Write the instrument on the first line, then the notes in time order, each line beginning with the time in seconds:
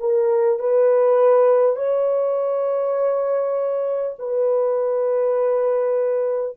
horn
0.00 A#4
0.59 B4
1.76 C#5
4.19 B4